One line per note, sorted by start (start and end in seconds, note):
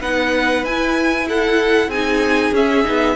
0.00 0.63 B3
0.00 0.65 D#4
0.00 1.26 B4
0.00 0.64 F#5
0.63 1.87 E4
0.63 1.93 E4
0.63 1.28 G#5
1.28 1.89 A4
1.28 1.90 F#5
1.87 2.51 C4
1.87 2.53 D#4
1.87 3.15 G#4
1.87 2.53 G#5
2.52 2.84 C#4
2.52 2.83 C#4
2.52 3.15 E5
2.83 3.15 B3
2.83 3.15 D#4